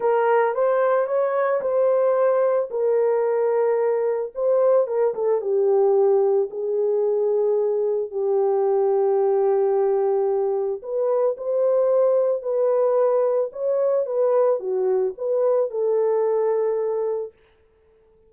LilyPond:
\new Staff \with { instrumentName = "horn" } { \time 4/4 \tempo 4 = 111 ais'4 c''4 cis''4 c''4~ | c''4 ais'2. | c''4 ais'8 a'8 g'2 | gis'2. g'4~ |
g'1 | b'4 c''2 b'4~ | b'4 cis''4 b'4 fis'4 | b'4 a'2. | }